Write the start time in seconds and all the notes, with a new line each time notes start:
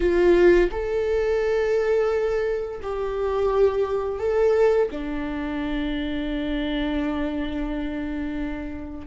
0.00 F4
0.71 A4
2.82 G4
4.19 A4
4.90 D4